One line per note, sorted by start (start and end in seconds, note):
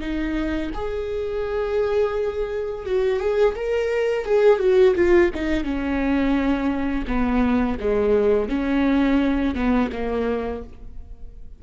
0.00 0.71 D#4
0.74 2.86 G#4
2.86 3.19 F#4
3.19 3.55 G#4
3.55 4.25 A#4
4.25 4.59 G#4
4.59 4.94 F#4
4.95 5.31 F4
5.34 5.64 D#4
5.64 7.05 C#4
7.07 7.78 B3
7.80 8.49 G#3
8.49 9.55 C#4
9.55 9.90 B3
9.92 10.63 A#3